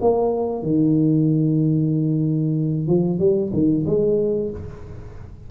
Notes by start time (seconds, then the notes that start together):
0.00 A#3
0.62 D#3
2.87 F3
3.19 G3
3.53 D#3
3.86 G#3